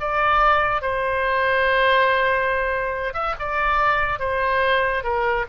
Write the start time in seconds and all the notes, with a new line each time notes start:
0.00 D5
0.81 C5
3.13 E5
3.39 D5
4.19 C5
5.03 A#4